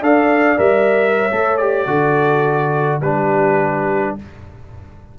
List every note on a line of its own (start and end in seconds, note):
0.00 0.58 D4
0.00 0.57 A4
0.00 1.14 D5
0.00 0.59 F5
0.57 1.30 G3
0.57 1.29 A#4
0.57 1.57 E5
1.17 1.87 C#5
1.31 1.87 A3
1.31 1.59 A4
1.57 1.87 G4
1.57 3.00 D5
1.87 3.01 D3
1.87 3.01 F#4
1.87 3.02 A4
3.01 4.15 G3
3.01 4.19 D4
3.01 4.16 G4
3.01 4.16 B4